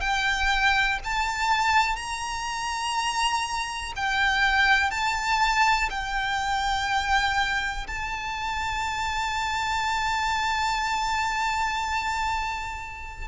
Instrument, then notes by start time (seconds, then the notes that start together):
violin
0.00 G5
1.04 A5
1.95 A#5
3.96 G5
4.90 A5
5.90 G5
7.87 A5